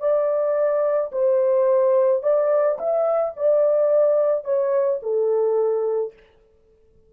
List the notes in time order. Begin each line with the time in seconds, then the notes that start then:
0.00 D5
1.12 C5
2.23 D5
2.79 E5
3.37 D5
4.45 C#5
5.03 A4